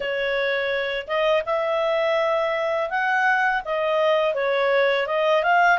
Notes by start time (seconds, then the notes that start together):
0.00 C#5
1.06 D#5
1.45 E5
2.90 F#5
3.64 D#5
4.34 C#5
5.06 D#5
5.43 F5